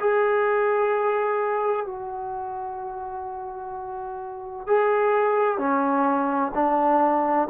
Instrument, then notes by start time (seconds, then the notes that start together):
trombone
0.00 G#4
1.86 F#4
4.67 G#4
5.57 C#4
6.54 D4